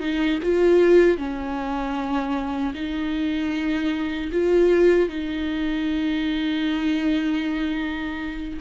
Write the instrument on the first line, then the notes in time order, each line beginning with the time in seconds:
viola
0.00 D#4
0.43 F4
1.18 C#4
2.74 D#4
4.32 F4
5.09 D#4